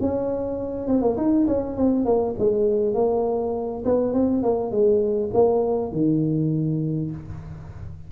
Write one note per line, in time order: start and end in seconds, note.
0.00 0.87 C#4
0.87 1.02 C4
1.02 1.16 A#3
1.17 1.46 D#4
1.47 1.77 C#4
1.77 2.05 C4
2.05 2.35 A#3
2.38 2.94 G#3
2.94 3.83 A#3
3.85 4.13 B3
4.13 4.43 C4
4.43 4.71 A#3
4.71 5.30 G#3
5.34 5.92 A#3
5.92 7.11 D#3